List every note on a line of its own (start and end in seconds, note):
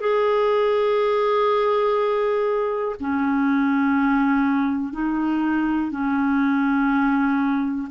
0.00 2.95 G#4
3.00 4.93 C#4
4.93 5.91 D#4
5.91 7.88 C#4